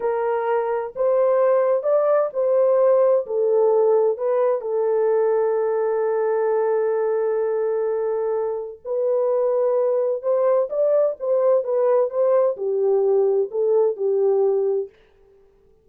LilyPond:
\new Staff \with { instrumentName = "horn" } { \time 4/4 \tempo 4 = 129 ais'2 c''2 | d''4 c''2 a'4~ | a'4 b'4 a'2~ | a'1~ |
a'2. b'4~ | b'2 c''4 d''4 | c''4 b'4 c''4 g'4~ | g'4 a'4 g'2 | }